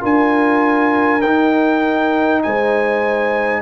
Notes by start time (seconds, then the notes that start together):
0.00 D4 F4 A#4 G#5
1.21 D#4 G5
2.42 G#3 C5 G#5